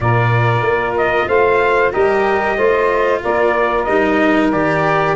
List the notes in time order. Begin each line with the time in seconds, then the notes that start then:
0.00 A#2 F4 A#4 D5
0.61 A#3
0.97 D#5
1.27 A3 C5 F5
1.92 G3 G4 A#4 D#5
2.56 A3 F4 C5
3.23 A#3 A#4 D5
3.83 G3 D#4 D#5
4.51 D#3 G4 D5